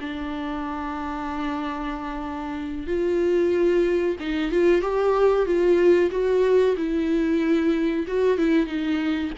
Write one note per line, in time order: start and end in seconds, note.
0.00 2.87 D4
2.87 4.16 F4
4.20 4.51 D#4
4.51 4.81 F4
4.81 5.46 G4
5.46 6.10 F4
6.11 6.75 F#4
6.77 8.06 E4
8.07 8.38 F#4
8.38 8.67 E4
8.67 9.31 D#4